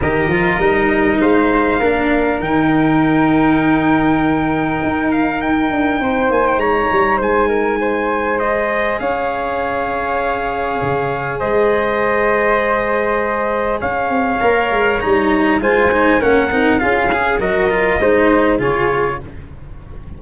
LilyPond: <<
  \new Staff \with { instrumentName = "trumpet" } { \time 4/4 \tempo 4 = 100 dis''2 f''2 | g''1~ | g''8 f''8 g''4. gis''16 g''16 ais''4 | gis''2 dis''4 f''4~ |
f''2. dis''4~ | dis''2. f''4~ | f''4 ais''4 gis''4 fis''4 | f''4 dis''2 cis''4 | }
  \new Staff \with { instrumentName = "flute" } { \time 4/4 ais'2 c''4 ais'4~ | ais'1~ | ais'2 c''4 cis''4 | c''8 ais'8 c''2 cis''4~ |
cis''2. c''4~ | c''2. cis''4~ | cis''2 c''4 ais'4 | gis'4 ais'4 c''4 gis'4 | }
  \new Staff \with { instrumentName = "cello" } { \time 4/4 g'8 f'8 dis'2 d'4 | dis'1~ | dis'1~ | dis'2 gis'2~ |
gis'1~ | gis'1 | ais'4 dis'4 f'8 dis'8 cis'8 dis'8 | f'8 gis'8 fis'8 f'8 dis'4 f'4 | }
  \new Staff \with { instrumentName = "tuba" } { \time 4/4 dis8 f8 g4 gis4 ais4 | dis1 | dis'4. d'8 c'8 ais8 gis8 g8 | gis2. cis'4~ |
cis'2 cis4 gis4~ | gis2. cis'8 c'8 | ais8 gis8 g4 gis4 ais8 c'8 | cis'4 fis4 gis4 cis4 | }
>>